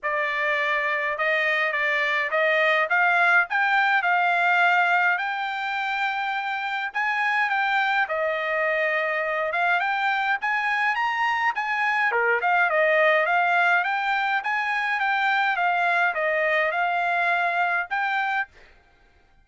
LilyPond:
\new Staff \with { instrumentName = "trumpet" } { \time 4/4 \tempo 4 = 104 d''2 dis''4 d''4 | dis''4 f''4 g''4 f''4~ | f''4 g''2. | gis''4 g''4 dis''2~ |
dis''8 f''8 g''4 gis''4 ais''4 | gis''4 ais'8 f''8 dis''4 f''4 | g''4 gis''4 g''4 f''4 | dis''4 f''2 g''4 | }